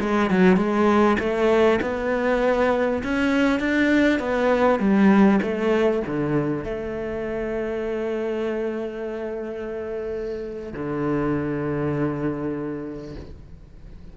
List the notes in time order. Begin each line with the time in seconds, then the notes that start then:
0.00 G#3
0.30 F#3
0.56 G#3
1.19 A3
1.82 B3
3.04 C#4
3.60 D4
4.19 B3
4.79 G3
5.42 A3
6.07 D3
6.64 A3
10.73 D3